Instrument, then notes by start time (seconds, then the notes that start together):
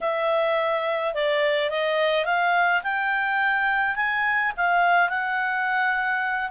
clarinet
0.01 E5
1.13 D5
1.70 D#5
2.25 F5
2.83 G5
3.95 G#5
4.56 F5
5.09 F#5